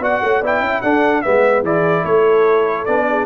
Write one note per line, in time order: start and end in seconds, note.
0.00 0.20 B3
0.00 0.42 F#4
0.00 0.22 D5
0.00 0.45 F#5
0.22 0.42 A3
0.22 0.41 C#5
0.41 0.61 B3
0.41 0.84 E4
0.41 0.60 D5
0.41 0.82 G5
0.60 0.81 C#4
0.60 0.81 E5
0.82 1.24 D4
0.82 1.24 A4
0.82 1.22 F#5
1.22 1.63 G#3
1.22 1.65 B3
1.22 1.64 B4
1.22 1.63 E5
1.63 2.04 E3
1.63 2.87 E4
1.63 2.03 G#4
1.63 2.05 D5
2.03 2.86 A3
2.03 3.06 A4
2.03 2.85 C#5
2.85 3.26 B3
2.85 3.26 D4
2.85 3.26 D5
3.10 3.26 G#4